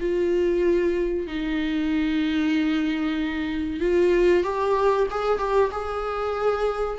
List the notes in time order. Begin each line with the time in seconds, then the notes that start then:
0.00 F4
1.27 D#4
3.80 F4
4.44 G4
5.11 G#4
5.39 G4
5.72 G#4